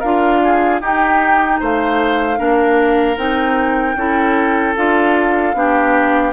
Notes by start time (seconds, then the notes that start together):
0.00 D4 F4 A#4 F5
0.44 G#4
0.81 D#4 G4 G5
1.60 A3 C5 F5
2.37 A#3 D4 A#4
3.17 C4 D#4 G5
3.96 C#4 E4 A4
4.76 D4 F4 F5
5.55 B3 D4 G4